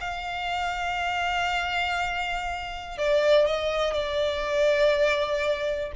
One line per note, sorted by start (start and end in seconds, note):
0.00 2.98 F5
2.98 3.47 D5
3.47 3.93 D#5
3.93 5.91 D5